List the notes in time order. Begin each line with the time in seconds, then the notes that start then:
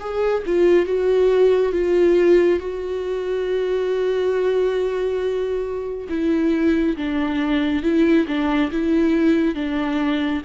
0.00 G#4
0.46 F4
0.86 F#4
1.72 F4
2.60 F#4
6.09 E4
6.97 D4
7.83 E4
8.27 D4
8.72 E4
9.55 D4